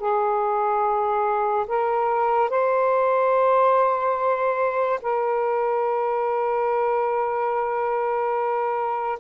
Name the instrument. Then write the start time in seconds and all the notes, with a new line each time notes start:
saxophone
0.00 G#4
1.68 A#4
2.50 C5
5.02 A#4